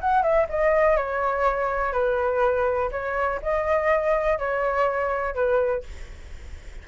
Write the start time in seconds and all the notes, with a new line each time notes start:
0.00 F#5
0.22 E5
0.49 D#5
0.96 C#5
1.92 B4
2.91 C#5
3.42 D#5
4.38 C#5
5.34 B4